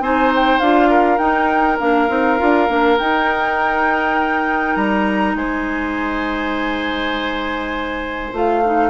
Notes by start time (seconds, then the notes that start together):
0.00 C4 D#4 C5 G#5
0.35 G5
0.59 D4 F4 F5
0.89 A#4
1.18 D#4 G5
1.79 A#3 D4 F5
2.08 C4 D#4
2.38 D4 F4
2.68 A#3 D4
2.98 D#4 G5
4.75 G3 A#5
5.34 G#3 C5 G#5
8.32 A3 F4 F5
8.65 D#4